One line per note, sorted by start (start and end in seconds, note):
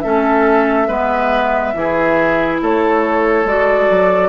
0.00 0.88 A3
0.00 0.88 C#4
0.00 0.87 A4
0.00 2.57 E5
0.87 1.74 G#3
0.87 1.74 B3
0.87 1.73 B4
1.74 2.60 E3
1.74 3.45 E4
1.74 2.61 G#4
2.61 3.44 A3
2.61 4.29 A4
2.61 3.47 C#5
3.44 3.87 G#3
3.44 4.29 F#4
3.44 4.29 D5
3.90 4.29 F#3